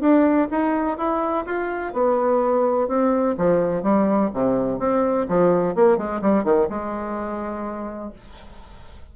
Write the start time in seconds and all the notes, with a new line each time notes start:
0.00 D4
0.50 D#4
0.97 E4
1.45 F4
1.93 B3
2.88 C4
3.37 F3
3.82 G3
4.33 C3
4.79 C4
5.28 F3
5.75 A#3
5.97 G#3
6.21 G3
6.44 D#3
6.69 G#3